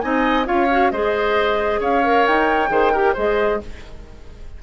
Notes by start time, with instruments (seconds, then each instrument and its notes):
0.00 bassoon C4, clarinet D#4, oboe D#5, flute G#5
0.44 bassoon C#4, clarinet F4, oboe C#5, flute F5
0.70 clarinet F#4
0.91 bassoon G#3, clarinet G#4, oboe C5, flute D#5
1.80 bassoon C#4, oboe C#5, flute F5
2.03 clarinet A#4
2.26 bassoon D#4, flute G5
2.69 bassoon D#3, clarinet G#4, oboe C5
2.92 clarinet G4, oboe A#4
3.13 bassoon G#3, clarinet G#4, oboe C5, flute D#5